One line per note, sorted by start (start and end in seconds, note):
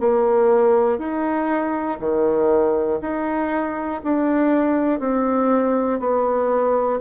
0.00 0.98 A#3
0.98 1.98 D#4
2.00 3.00 D#3
3.00 4.00 D#4
4.03 5.00 D4
5.00 6.00 C4
6.00 7.00 B3